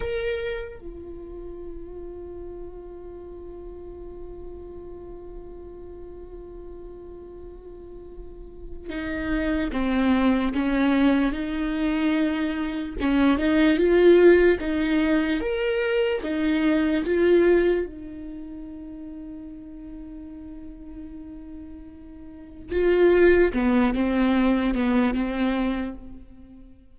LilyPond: \new Staff \with { instrumentName = "viola" } { \time 4/4 \tempo 4 = 74 ais'4 f'2.~ | f'1~ | f'2. dis'4 | c'4 cis'4 dis'2 |
cis'8 dis'8 f'4 dis'4 ais'4 | dis'4 f'4 dis'2~ | dis'1 | f'4 b8 c'4 b8 c'4 | }